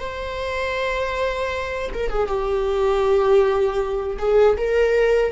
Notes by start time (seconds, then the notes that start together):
0.00 C5
1.94 A#4
2.10 G#4
2.28 G4
4.19 G#4
4.57 A#4